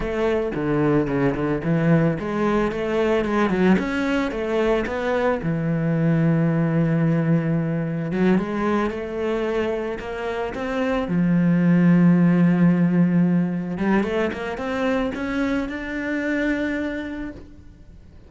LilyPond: \new Staff \with { instrumentName = "cello" } { \time 4/4 \tempo 4 = 111 a4 d4 cis8 d8 e4 | gis4 a4 gis8 fis8 cis'4 | a4 b4 e2~ | e2. fis8 gis8~ |
gis8 a2 ais4 c'8~ | c'8 f2.~ f8~ | f4. g8 a8 ais8 c'4 | cis'4 d'2. | }